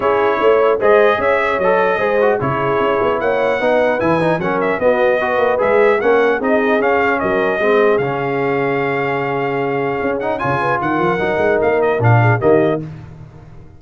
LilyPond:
<<
  \new Staff \with { instrumentName = "trumpet" } { \time 4/4 \tempo 4 = 150 cis''2 dis''4 e''4 | dis''2 cis''2 | fis''2 gis''4 fis''8 e''8 | dis''2 e''4 fis''4 |
dis''4 f''4 dis''2 | f''1~ | f''4. fis''8 gis''4 fis''4~ | fis''4 f''8 dis''8 f''4 dis''4 | }
  \new Staff \with { instrumentName = "horn" } { \time 4/4 gis'4 cis''4 c''4 cis''4~ | cis''4 c''4 gis'2 | cis''4 b'2 ais'4 | fis'4 b'2 ais'4 |
gis'2 ais'4 gis'4~ | gis'1~ | gis'2 cis''8 b'8 ais'4~ | ais'2~ ais'8 gis'8 g'4 | }
  \new Staff \with { instrumentName = "trombone" } { \time 4/4 e'2 gis'2 | a'4 gis'8 fis'8 e'2~ | e'4 dis'4 e'8 dis'8 cis'4 | b4 fis'4 gis'4 cis'4 |
dis'4 cis'2 c'4 | cis'1~ | cis'4. dis'8 f'2 | dis'2 d'4 ais4 | }
  \new Staff \with { instrumentName = "tuba" } { \time 4/4 cis'4 a4 gis4 cis'4 | fis4 gis4 cis4 cis'8 b8 | ais4 b4 e4 fis4 | b4. ais8 gis4 ais4 |
c'4 cis'4 fis4 gis4 | cis1~ | cis4 cis'4 cis4 dis8 f8 | fis8 gis8 ais4 ais,4 dis4 | }
>>